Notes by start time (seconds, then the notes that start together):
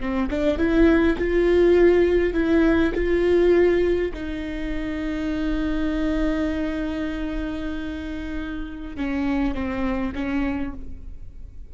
0.00 C4
0.30 D4
0.58 E4
1.18 F4
2.34 E4
2.95 F4
4.14 D#4
8.97 C#4
9.55 C4
10.15 C#4